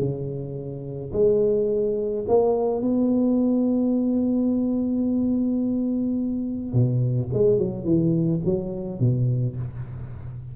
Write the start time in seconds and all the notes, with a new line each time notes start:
0.00 C#3
1.13 G#3
2.28 A#3
2.82 B3
6.74 B2
7.34 G#3
7.59 F#3
7.85 E3
8.45 F#3
9.00 B2